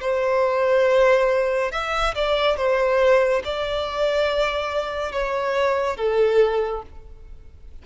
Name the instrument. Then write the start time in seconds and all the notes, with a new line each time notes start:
violin
0.00 C5
1.71 E5
2.14 D5
2.56 C5
3.44 D5
5.12 C#5
5.96 A4